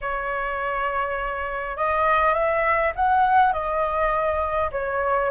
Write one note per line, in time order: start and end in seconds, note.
0.01 1.76 C#5
1.76 2.34 D#5
2.34 2.93 E5
2.95 3.52 F#5
3.52 4.70 D#5
4.71 5.30 C#5